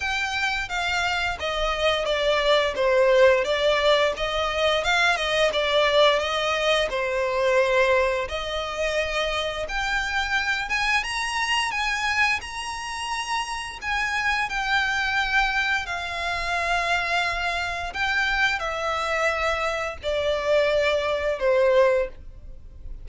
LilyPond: \new Staff \with { instrumentName = "violin" } { \time 4/4 \tempo 4 = 87 g''4 f''4 dis''4 d''4 | c''4 d''4 dis''4 f''8 dis''8 | d''4 dis''4 c''2 | dis''2 g''4. gis''8 |
ais''4 gis''4 ais''2 | gis''4 g''2 f''4~ | f''2 g''4 e''4~ | e''4 d''2 c''4 | }